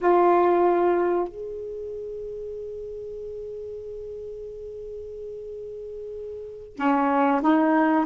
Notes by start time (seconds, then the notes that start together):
0.01 F4
1.27 G#4
6.76 C#4
7.42 D#4